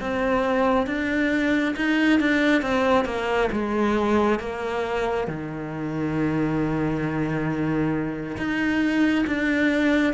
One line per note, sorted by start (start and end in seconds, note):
0.00 0.87 C4
0.87 1.75 D4
1.76 2.20 D#4
2.20 2.62 D4
2.62 3.05 C4
3.05 3.49 A#3
3.52 4.40 G#3
4.40 5.27 A#3
5.27 8.36 D#3
8.37 9.25 D#4
9.26 10.14 D4